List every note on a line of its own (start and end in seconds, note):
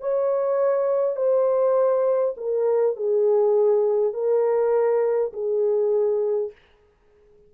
0.00 1.16 C#5
1.16 2.35 C5
2.37 2.96 A#4
2.96 4.13 G#4
4.13 5.32 A#4
5.33 6.52 G#4